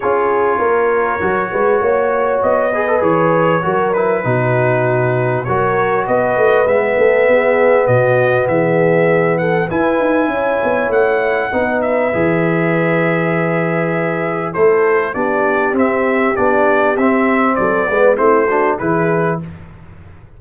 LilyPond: <<
  \new Staff \with { instrumentName = "trumpet" } { \time 4/4 \tempo 4 = 99 cis''1 | dis''4 cis''4. b'4.~ | b'4 cis''4 dis''4 e''4~ | e''4 dis''4 e''4. fis''8 |
gis''2 fis''4. e''8~ | e''1 | c''4 d''4 e''4 d''4 | e''4 d''4 c''4 b'4 | }
  \new Staff \with { instrumentName = "horn" } { \time 4/4 gis'4 ais'4. b'8 cis''4~ | cis''8 b'4. ais'4 fis'4~ | fis'4 ais'4 b'4. a'8 | gis'4 fis'4 gis'4. a'8 |
b'4 cis''2 b'4~ | b'1 | a'4 g'2.~ | g'4 a'8 b'8 e'8 fis'8 gis'4 | }
  \new Staff \with { instrumentName = "trombone" } { \time 4/4 f'2 fis'2~ | fis'8 gis'16 a'16 gis'4 fis'8 e'8 dis'4~ | dis'4 fis'2 b4~ | b1 |
e'2. dis'4 | gis'1 | e'4 d'4 c'4 d'4 | c'4. b8 c'8 d'8 e'4 | }
  \new Staff \with { instrumentName = "tuba" } { \time 4/4 cis'4 ais4 fis8 gis8 ais4 | b4 e4 fis4 b,4~ | b,4 fis4 b8 a8 gis8 a8 | b4 b,4 e2 |
e'8 dis'8 cis'8 b8 a4 b4 | e1 | a4 b4 c'4 b4 | c'4 fis8 gis8 a4 e4 | }
>>